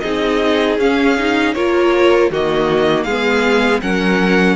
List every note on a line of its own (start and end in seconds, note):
0.00 0.78 C4
0.00 0.79 D#4
0.00 1.54 G#4
0.00 0.76 D#5
0.78 1.54 C#4
0.78 1.17 C#4
0.78 1.54 F5
1.18 1.56 D#4
1.54 2.30 A#3
1.54 2.31 F4
1.54 2.31 A#4
1.54 2.30 C#5
2.30 3.06 D#3
2.30 3.08 A#3
2.30 3.05 F#4
2.30 3.03 D#5
3.03 3.81 G#3
3.03 3.81 G#4
3.03 3.79 F5
3.09 3.81 B3
3.81 4.56 F#3
3.81 4.56 C#4
3.81 4.56 A#4
3.81 4.56 F#5